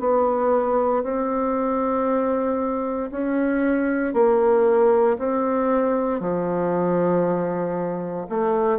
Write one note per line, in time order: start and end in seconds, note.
0.00 1.03 B3
1.03 3.10 C4
3.11 4.14 C#4
4.14 5.17 A#3
5.19 6.20 C4
6.20 8.27 F3
8.29 8.79 A3